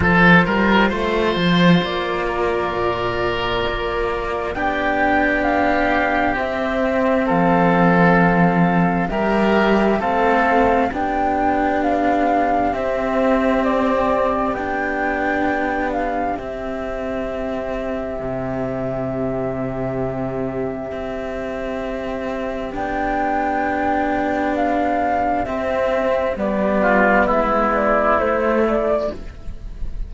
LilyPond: <<
  \new Staff \with { instrumentName = "flute" } { \time 4/4 \tempo 4 = 66 c''2 d''2~ | d''4 g''4 f''4 e''4 | f''2 e''4 f''4 | g''4 f''4 e''4 d''4 |
g''4. f''8 e''2~ | e''1~ | e''4 g''2 f''4 | e''4 d''4 e''8 d''8 c''8 d''8 | }
  \new Staff \with { instrumentName = "oboe" } { \time 4/4 a'8 ais'8 c''4. ais'4.~ | ais'4 g'2. | a'2 ais'4 a'4 | g'1~ |
g'1~ | g'1~ | g'1~ | g'4. f'8 e'2 | }
  \new Staff \with { instrumentName = "cello" } { \time 4/4 f'1~ | f'4 d'2 c'4~ | c'2 g'4 c'4 | d'2 c'2 |
d'2 c'2~ | c'1~ | c'4 d'2. | c'4 b2 a4 | }
  \new Staff \with { instrumentName = "cello" } { \time 4/4 f8 g8 a8 f8 ais4 ais,4 | ais4 b2 c'4 | f2 g4 a4 | b2 c'2 |
b2 c'2 | c2. c'4~ | c'4 b2. | c'4 g4 gis4 a4 | }
>>